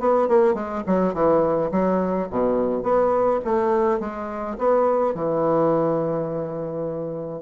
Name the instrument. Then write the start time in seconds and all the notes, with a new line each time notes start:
bassoon
0.00 B3
0.29 A#3
0.55 G#3
0.87 F#3
1.14 E3
1.71 F#3
2.30 B2
2.83 B3
3.45 A3
4.00 G#3
4.58 B3
5.15 E3